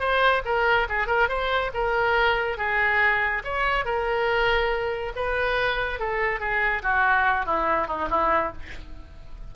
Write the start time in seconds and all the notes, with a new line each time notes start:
0.00 C5
0.45 A#4
0.89 G#4
1.08 A#4
1.29 C5
1.74 A#4
2.58 G#4
3.44 C#5
3.85 A#4
5.16 B4
6.00 A4
6.40 G#4
6.83 F#4
7.46 E4
7.88 D#4
8.10 E4